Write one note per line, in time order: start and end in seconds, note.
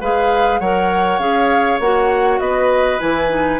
0.00 0.59 G#3
0.00 0.62 G#4
0.00 0.59 B4
0.00 0.59 F5
0.59 1.18 F#3
0.59 1.20 A#4
0.59 2.40 C#5
0.59 1.18 F#5
1.18 1.78 C#4
1.18 1.80 G#4
1.18 1.78 F5
1.79 2.39 A#3
1.79 2.99 F#4
1.79 2.39 F#5
2.39 2.99 B3
2.39 3.59 B4
2.39 2.99 D#5
2.99 3.59 E3
2.99 3.29 E4
2.99 3.59 G#5
3.29 3.59 D#4